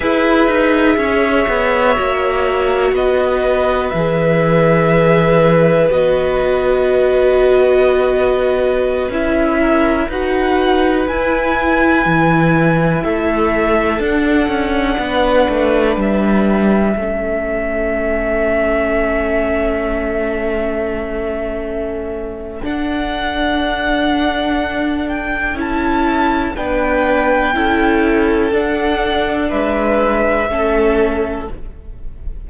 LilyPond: <<
  \new Staff \with { instrumentName = "violin" } { \time 4/4 \tempo 4 = 61 e''2. dis''4 | e''2 dis''2~ | dis''4~ dis''16 e''4 fis''4 gis''8.~ | gis''4~ gis''16 e''4 fis''4.~ fis''16~ |
fis''16 e''2.~ e''8.~ | e''2. fis''4~ | fis''4. g''8 a''4 g''4~ | g''4 fis''4 e''2 | }
  \new Staff \with { instrumentName = "violin" } { \time 4/4 b'4 cis''2 b'4~ | b'1~ | b'4.~ b'16 ais'8 b'4.~ b'16~ | b'4~ b'16 a'2 b'8.~ |
b'4~ b'16 a'2~ a'8.~ | a'1~ | a'2. b'4 | a'2 b'4 a'4 | }
  \new Staff \with { instrumentName = "viola" } { \time 4/4 gis'2 fis'2 | gis'2 fis'2~ | fis'4~ fis'16 e'4 fis'4 e'8.~ | e'2~ e'16 d'4.~ d'16~ |
d'4~ d'16 cis'2~ cis'8.~ | cis'2. d'4~ | d'2 e'4 d'4 | e'4 d'2 cis'4 | }
  \new Staff \with { instrumentName = "cello" } { \time 4/4 e'8 dis'8 cis'8 b8 ais4 b4 | e2 b2~ | b4~ b16 cis'4 dis'4 e'8.~ | e'16 e4 a4 d'8 cis'8 b8 a16~ |
a16 g4 a2~ a8.~ | a2. d'4~ | d'2 cis'4 b4 | cis'4 d'4 gis4 a4 | }
>>